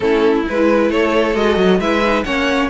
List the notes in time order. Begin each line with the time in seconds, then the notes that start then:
0.00 A3 C#4 E4 A4
0.45 G#3 E4 B4
0.88 A3 A4 C#5
1.34 G#3 F#4 D#5
1.57 F#3
1.79 G#3 E4 B4 E5
2.05 D#4
2.23 A#3 C#4 C#5 F#5